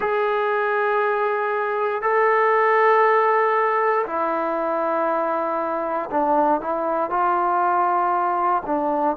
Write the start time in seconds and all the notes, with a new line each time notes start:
0.00 G#4
2.02 A4
4.06 E4
6.10 D4
6.61 E4
7.10 F4
8.66 D4